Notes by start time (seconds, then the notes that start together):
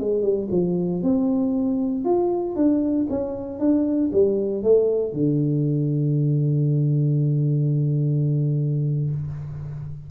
0.00 G#3
0.23 G3
0.52 F3
1.03 C4
2.05 F4
2.56 D4
3.10 C#4
3.59 D4
4.13 G3
4.63 A3
5.14 D3